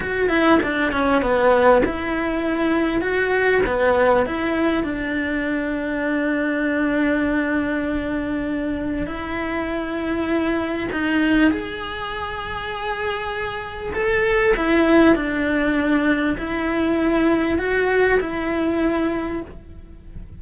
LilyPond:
\new Staff \with { instrumentName = "cello" } { \time 4/4 \tempo 4 = 99 fis'8 e'8 d'8 cis'8 b4 e'4~ | e'4 fis'4 b4 e'4 | d'1~ | d'2. e'4~ |
e'2 dis'4 gis'4~ | gis'2. a'4 | e'4 d'2 e'4~ | e'4 fis'4 e'2 | }